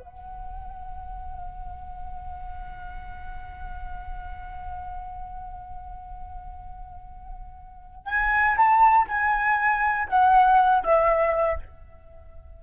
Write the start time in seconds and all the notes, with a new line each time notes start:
0.00 F#5
8.06 G#5
8.57 A5
9.08 G#5
10.09 F#5
10.84 E5